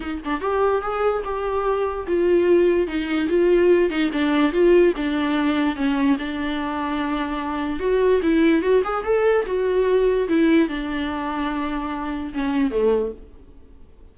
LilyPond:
\new Staff \with { instrumentName = "viola" } { \time 4/4 \tempo 4 = 146 dis'8 d'8 g'4 gis'4 g'4~ | g'4 f'2 dis'4 | f'4. dis'8 d'4 f'4 | d'2 cis'4 d'4~ |
d'2. fis'4 | e'4 fis'8 gis'8 a'4 fis'4~ | fis'4 e'4 d'2~ | d'2 cis'4 a4 | }